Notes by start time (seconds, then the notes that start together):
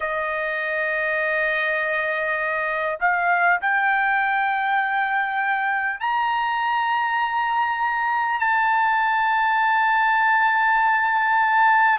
0.00 D#5
2.99 F5
3.61 G5
6.00 A#5
8.39 A5